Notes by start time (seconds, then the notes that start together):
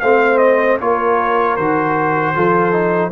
0.00 A3 C4 C5 F5
0.37 D#5
0.79 A#3 F4 A#4 C#5
1.56 D#3 F#4 C5
2.35 F3 F4 A4
2.71 D#4